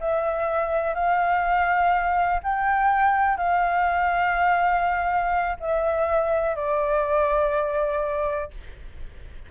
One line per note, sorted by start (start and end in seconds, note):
0.00 0.94 E5
0.94 2.40 F5
2.43 3.37 G5
3.37 5.57 F5
5.60 6.56 E5
6.56 8.51 D5